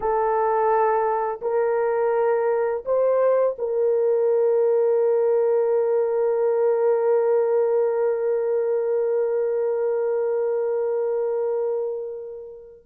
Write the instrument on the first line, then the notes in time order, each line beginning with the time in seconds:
horn
0.00 A4
1.41 A#4
2.85 C5
3.58 A#4